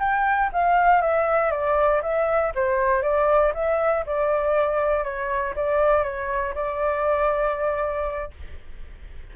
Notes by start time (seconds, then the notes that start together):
0.00 G5
0.53 F5
1.02 E5
1.51 D5
2.03 E5
2.56 C5
3.03 D5
3.55 E5
4.07 D5
5.04 C#5
5.56 D5
6.04 C#5
6.55 D5